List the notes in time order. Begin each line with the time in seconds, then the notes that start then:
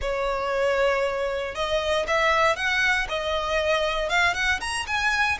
0.01 C#5
1.54 D#5
2.07 E5
2.55 F#5
3.09 D#5
4.09 F5
4.34 F#5
4.60 A#5
4.86 G#5